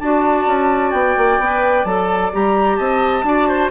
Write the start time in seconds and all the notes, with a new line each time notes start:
0.00 D4 F#4 D5 A5
0.46 C#4
0.92 B3 G5
1.17 A#3
1.39 B3 B4
1.85 F#3 A4 A5
2.33 G3 G4 A#5
2.76 C4 D#5 A5
3.23 D4 F#4 D5
3.48 C5